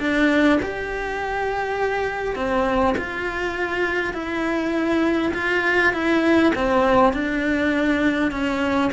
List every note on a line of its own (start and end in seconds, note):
0.00 0.59 D4
0.63 2.36 G4
2.36 2.95 C4
2.98 4.14 F4
4.14 5.33 E4
5.34 5.94 F4
5.94 6.53 E4
6.56 7.14 C4
7.14 8.32 D4
8.32 8.91 C#4